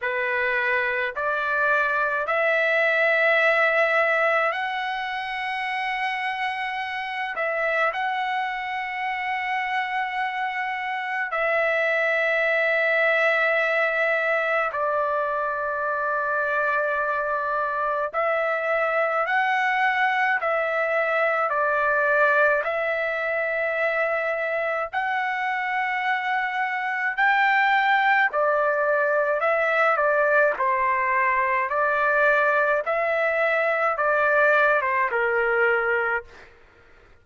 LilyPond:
\new Staff \with { instrumentName = "trumpet" } { \time 4/4 \tempo 4 = 53 b'4 d''4 e''2 | fis''2~ fis''8 e''8 fis''4~ | fis''2 e''2~ | e''4 d''2. |
e''4 fis''4 e''4 d''4 | e''2 fis''2 | g''4 d''4 e''8 d''8 c''4 | d''4 e''4 d''8. c''16 ais'4 | }